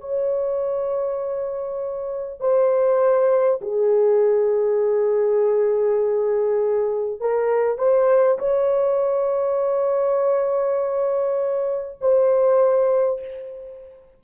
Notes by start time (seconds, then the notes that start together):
0.00 C#5
2.40 C5
3.62 G#4
7.20 A#4
7.78 C5
8.38 C#5
12.01 C5